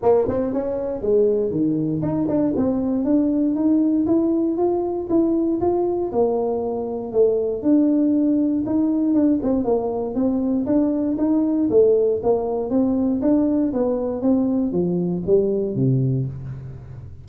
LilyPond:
\new Staff \with { instrumentName = "tuba" } { \time 4/4 \tempo 4 = 118 ais8 c'8 cis'4 gis4 dis4 | dis'8 d'8 c'4 d'4 dis'4 | e'4 f'4 e'4 f'4 | ais2 a4 d'4~ |
d'4 dis'4 d'8 c'8 ais4 | c'4 d'4 dis'4 a4 | ais4 c'4 d'4 b4 | c'4 f4 g4 c4 | }